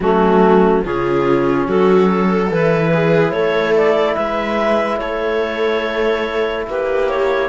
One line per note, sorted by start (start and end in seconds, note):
0.00 0.83 F#3
0.00 0.84 A3
0.00 0.84 C#4
0.00 0.84 F#4
0.84 1.67 C#3
0.84 2.51 C#4
0.84 1.67 F4
0.84 1.67 G#4
1.67 2.50 F#3
1.67 2.09 F#4
1.67 2.51 A4
2.09 2.92 A4
2.50 3.32 E3
2.50 7.49 E4
2.50 3.31 B4
2.93 3.33 G#4
3.31 4.15 A3
3.31 4.14 A4
3.31 3.73 C#5
3.76 4.15 D5
4.14 5.00 G#3
4.14 4.97 B4
4.14 4.98 E5
4.98 6.66 A3
4.98 6.68 A4
4.98 6.65 C#5
6.66 7.49 A#3
6.66 7.49 G4
6.66 7.09 B4
7.09 7.49 C#5